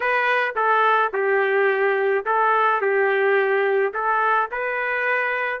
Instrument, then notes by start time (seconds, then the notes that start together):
trumpet
0.00 B4
0.55 A4
1.13 G4
2.25 A4
2.81 G4
3.93 A4
4.51 B4